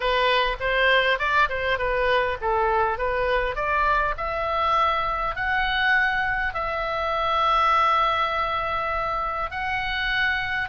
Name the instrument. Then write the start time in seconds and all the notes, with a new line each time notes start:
oboe
0.00 B4
0.59 C5
1.19 D5
1.49 C5
1.78 B4
2.41 A4
2.98 B4
3.55 D5
4.17 E5
5.35 F#5
6.54 E5
9.50 F#5